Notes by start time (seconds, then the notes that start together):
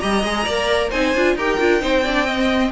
0.00 G3 G4 D#5 A#5
0.23 G#3 G#4
0.45 A#3 A#4 D5
0.90 C4 D#4 C5 G#5
1.14 D4 F4
1.36 D#4 G4 A#4 G5
1.59 D4 F4
1.81 C4 D#4 C5
2.04 D4 D5
2.26 C4 D#5